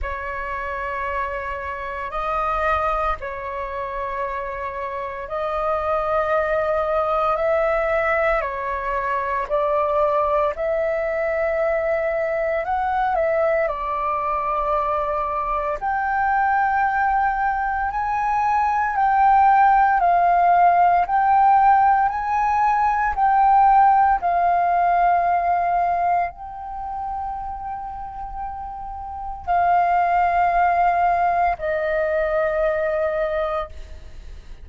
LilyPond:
\new Staff \with { instrumentName = "flute" } { \time 4/4 \tempo 4 = 57 cis''2 dis''4 cis''4~ | cis''4 dis''2 e''4 | cis''4 d''4 e''2 | fis''8 e''8 d''2 g''4~ |
g''4 gis''4 g''4 f''4 | g''4 gis''4 g''4 f''4~ | f''4 g''2. | f''2 dis''2 | }